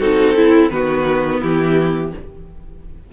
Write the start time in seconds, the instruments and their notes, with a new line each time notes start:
0.00 cello C4, viola D#4, violin F#4 A4
0.36 violin E4, viola E4
0.71 cello D#3, viola B3, violin F#4 B4
1.41 cello E3, violin E4 G4